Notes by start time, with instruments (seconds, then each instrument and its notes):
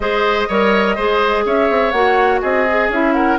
0.00 bassoon G#3, clarinet G#4, oboe C5, flute D#5
0.48 bassoon G3, clarinet A#4, oboe C#5
0.95 bassoon G#3, clarinet G#4, oboe C5
1.45 bassoon C#4, oboe C#5, flute E5
1.69 bassoon C4
1.91 bassoon A#3, clarinet F#4, flute F#5
2.41 bassoon C4, oboe G#4, flute D#5
2.68 clarinet G#4
2.89 bassoon C#4, clarinet E4, flute E5
3.14 oboe A#4, flute F#5